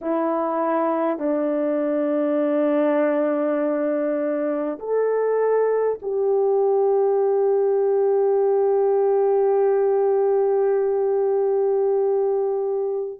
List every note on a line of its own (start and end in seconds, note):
0.01 1.18 E4
1.18 4.78 D4
4.79 5.99 A4
6.02 13.19 G4